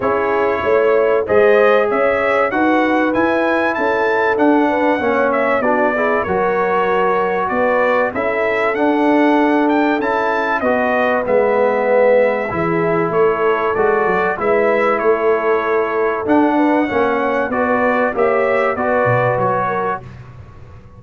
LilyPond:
<<
  \new Staff \with { instrumentName = "trumpet" } { \time 4/4 \tempo 4 = 96 cis''2 dis''4 e''4 | fis''4 gis''4 a''4 fis''4~ | fis''8 e''8 d''4 cis''2 | d''4 e''4 fis''4. g''8 |
a''4 dis''4 e''2~ | e''4 cis''4 d''4 e''4 | cis''2 fis''2 | d''4 e''4 d''4 cis''4 | }
  \new Staff \with { instrumentName = "horn" } { \time 4/4 gis'4 cis''4 c''4 cis''4 | b'2 a'4. b'8 | cis''4 fis'8 gis'8 ais'2 | b'4 a'2.~ |
a'4 b'2. | gis'4 a'2 b'4 | a'2~ a'8 b'8 cis''4 | b'4 cis''4 b'4. ais'8 | }
  \new Staff \with { instrumentName = "trombone" } { \time 4/4 e'2 gis'2 | fis'4 e'2 d'4 | cis'4 d'8 e'8 fis'2~ | fis'4 e'4 d'2 |
e'4 fis'4 b2 | e'2 fis'4 e'4~ | e'2 d'4 cis'4 | fis'4 g'4 fis'2 | }
  \new Staff \with { instrumentName = "tuba" } { \time 4/4 cis'4 a4 gis4 cis'4 | dis'4 e'4 cis'4 d'4 | ais4 b4 fis2 | b4 cis'4 d'2 |
cis'4 b4 gis2 | e4 a4 gis8 fis8 gis4 | a2 d'4 ais4 | b4 ais4 b8 b,8 fis4 | }
>>